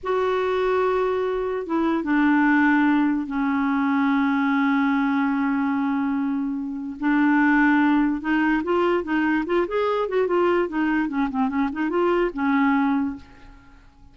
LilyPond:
\new Staff \with { instrumentName = "clarinet" } { \time 4/4 \tempo 4 = 146 fis'1 | e'4 d'2. | cis'1~ | cis'1~ |
cis'4 d'2. | dis'4 f'4 dis'4 f'8 gis'8~ | gis'8 fis'8 f'4 dis'4 cis'8 c'8 | cis'8 dis'8 f'4 cis'2 | }